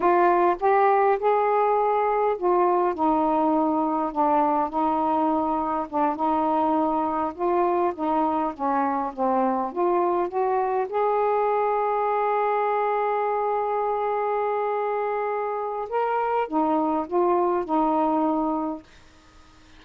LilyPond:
\new Staff \with { instrumentName = "saxophone" } { \time 4/4 \tempo 4 = 102 f'4 g'4 gis'2 | f'4 dis'2 d'4 | dis'2 d'8 dis'4.~ | dis'8 f'4 dis'4 cis'4 c'8~ |
c'8 f'4 fis'4 gis'4.~ | gis'1~ | gis'2. ais'4 | dis'4 f'4 dis'2 | }